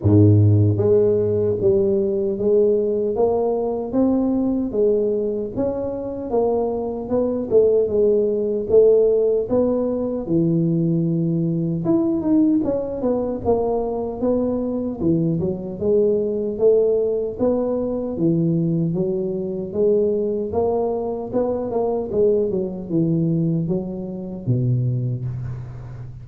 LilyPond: \new Staff \with { instrumentName = "tuba" } { \time 4/4 \tempo 4 = 76 gis,4 gis4 g4 gis4 | ais4 c'4 gis4 cis'4 | ais4 b8 a8 gis4 a4 | b4 e2 e'8 dis'8 |
cis'8 b8 ais4 b4 e8 fis8 | gis4 a4 b4 e4 | fis4 gis4 ais4 b8 ais8 | gis8 fis8 e4 fis4 b,4 | }